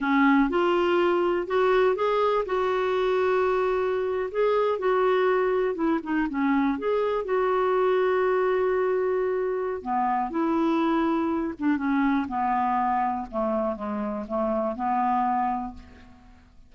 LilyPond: \new Staff \with { instrumentName = "clarinet" } { \time 4/4 \tempo 4 = 122 cis'4 f'2 fis'4 | gis'4 fis'2.~ | fis'8. gis'4 fis'2 e'16~ | e'16 dis'8 cis'4 gis'4 fis'4~ fis'16~ |
fis'1 | b4 e'2~ e'8 d'8 | cis'4 b2 a4 | gis4 a4 b2 | }